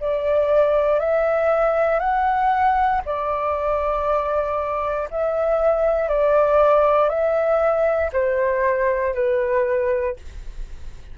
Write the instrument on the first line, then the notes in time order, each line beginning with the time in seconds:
flute
0.00 D5
0.99 E5
1.99 F#5
3.05 D5
5.10 E5
6.08 D5
7.09 E5
8.12 C5
9.14 B4